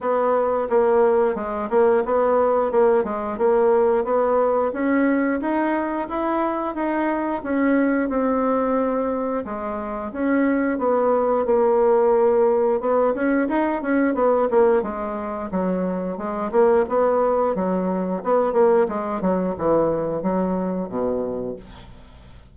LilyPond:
\new Staff \with { instrumentName = "bassoon" } { \time 4/4 \tempo 4 = 89 b4 ais4 gis8 ais8 b4 | ais8 gis8 ais4 b4 cis'4 | dis'4 e'4 dis'4 cis'4 | c'2 gis4 cis'4 |
b4 ais2 b8 cis'8 | dis'8 cis'8 b8 ais8 gis4 fis4 | gis8 ais8 b4 fis4 b8 ais8 | gis8 fis8 e4 fis4 b,4 | }